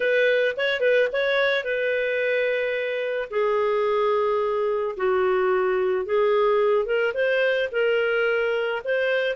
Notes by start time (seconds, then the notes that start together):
0.00 B4
0.57 C#5
0.80 B4
1.12 C#5
1.63 B4
3.30 G#4
4.96 F#4
6.05 G#4
6.85 A#4
7.14 C5
7.72 A#4
8.84 C5